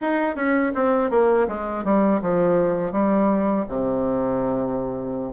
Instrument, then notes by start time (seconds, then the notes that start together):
bassoon
0.01 D#4
0.35 C#4
0.74 C4
1.10 A#3
1.47 G#3
1.84 G3
2.21 F3
2.91 G3
3.68 C3